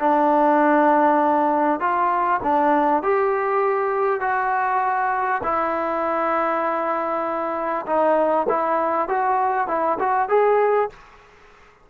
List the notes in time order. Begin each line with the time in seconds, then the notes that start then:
0.00 D4
1.80 F4
2.43 D4
3.03 G4
4.20 F#4
5.44 E4
7.87 D#4
8.49 E4
9.09 F#4
9.68 E4
9.99 F#4
10.29 G#4